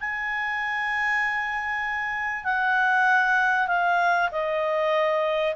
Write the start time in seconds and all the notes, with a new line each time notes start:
0.00 G#5
2.44 F#5
3.67 F5
4.31 D#5